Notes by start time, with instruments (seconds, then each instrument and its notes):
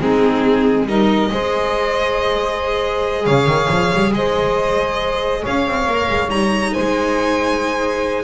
0.00 double bass G#3, viola C4, saxophone D#4, violin G#4
0.87 double bass G3, viola D#4, saxophone A#4, violin D#5
1.32 double bass G#3, viola G#4, saxophone C5
3.25 double bass C#3, saxophone C#5, violin F5
3.47 double bass D#3
3.70 double bass F3
3.94 double bass G3
4.13 double bass G#3, saxophone C5, violin D#5
5.42 double bass C#4, saxophone C#5, violin F5
5.67 double bass C4
5.87 double bass A#3, viola A#4
6.09 double bass G#3
6.29 double bass G3, viola D#4, violin A#5
6.73 double bass G#3, saxophone C5, violin G#5